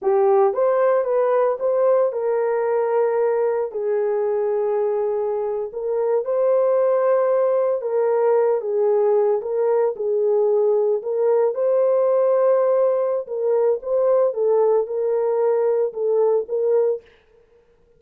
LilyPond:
\new Staff \with { instrumentName = "horn" } { \time 4/4 \tempo 4 = 113 g'4 c''4 b'4 c''4 | ais'2. gis'4~ | gis'2~ gis'8. ais'4 c''16~ | c''2~ c''8. ais'4~ ais'16~ |
ais'16 gis'4. ais'4 gis'4~ gis'16~ | gis'8. ais'4 c''2~ c''16~ | c''4 ais'4 c''4 a'4 | ais'2 a'4 ais'4 | }